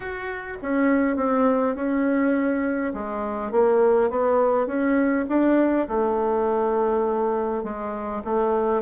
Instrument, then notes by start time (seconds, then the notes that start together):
bassoon
0.00 F#4
0.61 C#4
1.16 C4
1.75 C#4
2.93 G#3
3.51 A#3
4.09 B3
4.67 C#4
5.28 D4
5.88 A3
7.63 G#3
8.24 A3